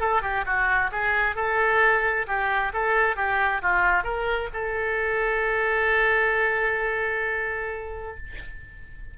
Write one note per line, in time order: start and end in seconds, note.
0.00 0.22 A4
0.22 0.45 G4
0.45 0.91 F#4
0.92 1.36 G#4
1.36 2.26 A4
2.27 2.73 G4
2.73 3.16 A4
3.16 3.62 G4
3.62 4.04 F4
4.04 4.49 A#4
4.53 8.17 A4